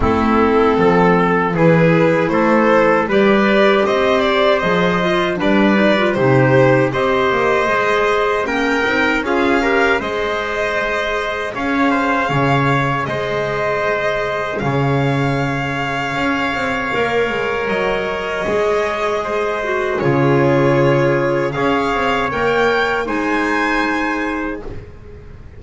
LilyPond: <<
  \new Staff \with { instrumentName = "violin" } { \time 4/4 \tempo 4 = 78 a'2 b'4 c''4 | d''4 dis''8 d''8 dis''4 d''4 | c''4 dis''2 g''4 | f''4 dis''2 f''4~ |
f''4 dis''2 f''4~ | f''2. dis''4~ | dis''2 cis''2 | f''4 g''4 gis''2 | }
  \new Staff \with { instrumentName = "trumpet" } { \time 4/4 e'4 a'4 gis'4 a'4 | b'4 c''2 b'4 | g'4 c''2 ais'4 | gis'8 ais'8 c''2 cis''8 c''8 |
cis''4 c''2 cis''4~ | cis''1~ | cis''4 c''4 gis'2 | cis''2 c''2 | }
  \new Staff \with { instrumentName = "clarinet" } { \time 4/4 c'2 e'2 | g'2 gis'8 f'8 d'8 dis'16 f'16 | dis'4 g'4 gis'4 cis'8 dis'8 | f'8 g'8 gis'2.~ |
gis'1~ | gis'2 ais'2 | gis'4. fis'8 f'2 | gis'4 ais'4 dis'2 | }
  \new Staff \with { instrumentName = "double bass" } { \time 4/4 a4 f4 e4 a4 | g4 c'4 f4 g4 | c4 c'8 ais8 gis4 ais8 c'8 | cis'4 gis2 cis'4 |
cis4 gis2 cis4~ | cis4 cis'8 c'8 ais8 gis8 fis4 | gis2 cis2 | cis'8 c'8 ais4 gis2 | }
>>